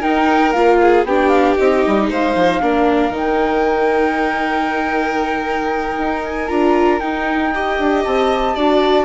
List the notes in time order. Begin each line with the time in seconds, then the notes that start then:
0.00 D#4 A#4 G5
0.52 A#3 F4 F5
0.81 G#4
1.04 B3 D4 G4 G5
1.29 F5
1.56 C4 D#4 D#5
1.87 G3
2.09 G#3 C5 F5
2.35 F3
2.61 A#3 D4 A#4
3.09 D#3 D#4 G5
5.98 D#4
6.23 G#5
6.48 D4 F4 A#5
6.99 D#4 G5
7.54 G4 D#5
7.78 D4
8.04 C4 A5
8.55 D4 F#4 D5